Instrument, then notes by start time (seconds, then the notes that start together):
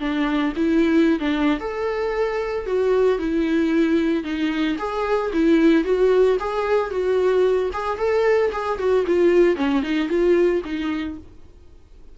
viola
0.00 D4
0.56 E4
1.20 D4
1.60 A4
2.66 F#4
3.19 E4
4.24 D#4
4.78 G#4
5.33 E4
5.85 F#4
6.40 G#4
6.91 F#4
7.73 G#4
7.98 A4
8.52 G#4
8.79 F#4
9.07 F4
9.56 C#4
9.83 D#4
10.09 F4
10.65 D#4